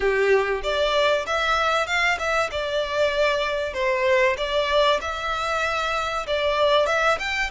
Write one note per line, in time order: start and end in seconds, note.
0.00 0.62 G4
0.62 1.25 D5
1.26 1.86 E5
1.86 2.18 F5
2.18 2.50 E5
2.51 3.73 D5
3.73 4.36 C5
4.37 4.99 D5
5.01 6.26 E5
6.26 6.86 D5
6.86 7.17 E5
7.19 7.50 G5